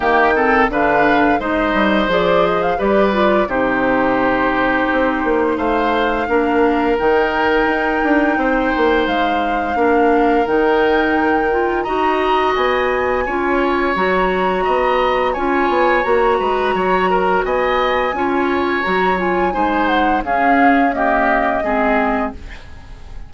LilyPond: <<
  \new Staff \with { instrumentName = "flute" } { \time 4/4 \tempo 4 = 86 g''4 f''4 dis''4 d''8 dis''16 f''16 | d''4 c''2. | f''2 g''2~ | g''4 f''2 g''4~ |
g''4 ais''4 gis''2 | ais''2 gis''4 ais''4~ | ais''4 gis''2 ais''8 gis''8~ | gis''8 fis''8 f''4 dis''2 | }
  \new Staff \with { instrumentName = "oboe" } { \time 4/4 g'8 a'8 b'4 c''2 | b'4 g'2. | c''4 ais'2. | c''2 ais'2~ |
ais'4 dis''2 cis''4~ | cis''4 dis''4 cis''4. b'8 | cis''8 ais'8 dis''4 cis''2 | c''4 gis'4 g'4 gis'4 | }
  \new Staff \with { instrumentName = "clarinet" } { \time 4/4 ais8 c'8 d'4 dis'4 gis'4 | g'8 f'8 dis'2.~ | dis'4 d'4 dis'2~ | dis'2 d'4 dis'4~ |
dis'8 f'8 fis'2 f'4 | fis'2 f'4 fis'4~ | fis'2 f'4 fis'8 f'8 | dis'4 cis'4 ais4 c'4 | }
  \new Staff \with { instrumentName = "bassoon" } { \time 4/4 dis4 d4 gis8 g8 f4 | g4 c2 c'8 ais8 | a4 ais4 dis4 dis'8 d'8 | c'8 ais8 gis4 ais4 dis4~ |
dis4 dis'4 b4 cis'4 | fis4 b4 cis'8 b8 ais8 gis8 | fis4 b4 cis'4 fis4 | gis4 cis'2 gis4 | }
>>